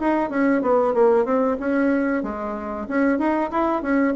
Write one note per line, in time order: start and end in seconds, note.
0.00 0.30 D#4
0.30 0.62 C#4
0.62 0.94 B3
0.94 1.25 A#3
1.25 1.57 C4
1.60 2.23 C#4
2.23 2.87 G#3
2.89 3.19 C#4
3.19 3.51 D#4
3.51 3.82 E4
3.82 4.14 C#4